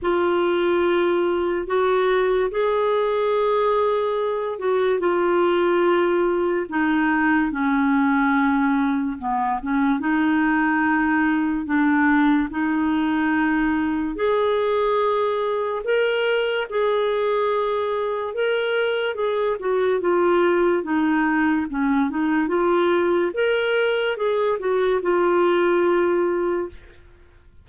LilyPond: \new Staff \with { instrumentName = "clarinet" } { \time 4/4 \tempo 4 = 72 f'2 fis'4 gis'4~ | gis'4. fis'8 f'2 | dis'4 cis'2 b8 cis'8 | dis'2 d'4 dis'4~ |
dis'4 gis'2 ais'4 | gis'2 ais'4 gis'8 fis'8 | f'4 dis'4 cis'8 dis'8 f'4 | ais'4 gis'8 fis'8 f'2 | }